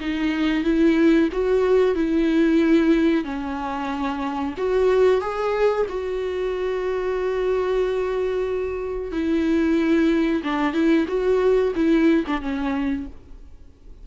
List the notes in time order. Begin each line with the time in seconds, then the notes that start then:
0.00 D#4
0.63 E4
1.32 F#4
1.95 E4
3.24 C#4
4.57 F#4
5.21 G#4
5.89 F#4
9.11 E4
10.43 D4
10.73 E4
11.07 F#4
11.75 E4
12.27 D4
12.41 C#4